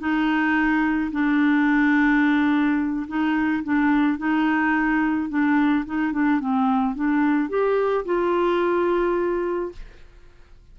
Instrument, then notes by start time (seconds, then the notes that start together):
clarinet
0.00 D#4
1.12 D4
3.08 D#4
3.64 D4
4.18 D#4
5.30 D4
5.86 D#4
6.13 D4
6.40 C4
6.95 D4
7.49 G4
8.06 F4